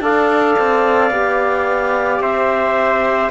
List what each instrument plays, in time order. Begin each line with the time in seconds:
0.00 cello D4, trombone A4, trumpet D5, clarinet F5
0.59 cello C4
1.10 cello B3, trombone G4
2.20 cello C4, trumpet C5, clarinet E5